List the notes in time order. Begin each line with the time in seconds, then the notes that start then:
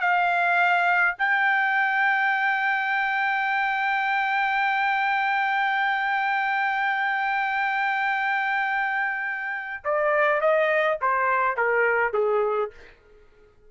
0.00 F5
1.18 G5
9.84 D5
10.40 D#5
11.01 C5
11.56 A#4
12.13 G#4